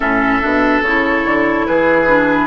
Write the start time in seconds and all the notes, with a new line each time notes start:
0.00 A2 C#4 A4 E5
0.41 B2 D4
0.82 C#3 E4 C#5
1.24 D3
1.66 E3 G#4 B4
2.07 D4